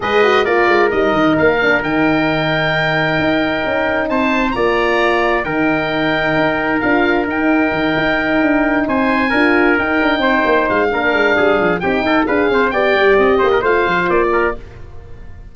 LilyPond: <<
  \new Staff \with { instrumentName = "oboe" } { \time 4/4 \tempo 4 = 132 dis''4 d''4 dis''4 f''4 | g''1~ | g''4 a''4 ais''2 | g''2. f''4 |
g''2.~ g''8 gis''8~ | gis''4. g''2 f''8~ | f''2 g''4 f''4 | g''4 dis''4 f''4 d''4 | }
  \new Staff \with { instrumentName = "trumpet" } { \time 4/4 b'4 ais'2.~ | ais'1~ | ais'4 c''4 d''2 | ais'1~ |
ais'2.~ ais'8 c''8~ | c''8 ais'2 c''4. | ais'4 gis'4 g'8 a'8 b'8 c''8 | d''4. c''16 ais'16 c''4. ais'8 | }
  \new Staff \with { instrumentName = "horn" } { \time 4/4 gis'8 fis'8 f'4 dis'4. d'8 | dis'1~ | dis'2 f'2 | dis'2. f'4 |
dis'1~ | dis'8 f'4 dis'2~ dis'8 | d'2 dis'4 gis'4 | g'2 f'2 | }
  \new Staff \with { instrumentName = "tuba" } { \time 4/4 gis4 ais8 gis8 g8 dis8 ais4 | dis2. dis'4 | cis'4 c'4 ais2 | dis2 dis'4 d'4 |
dis'4 dis8 dis'4 d'4 c'8~ | c'8 d'4 dis'8 d'8 c'8 ais8 gis8 | ais8 gis8 g8 f8 c'8 dis'8 d'8 c'8 | b8 g8 c'8 ais8 a8 f8 ais4 | }
>>